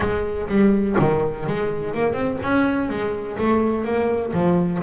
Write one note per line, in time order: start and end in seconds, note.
0.00 0.47 G#3
0.47 0.95 G3
0.99 1.46 D#3
1.46 1.94 G#3
1.94 2.13 A#3
2.13 2.37 C4
2.42 2.89 C#4
2.89 3.37 G#3
3.38 3.84 A3
3.84 4.32 A#3
4.33 4.81 F3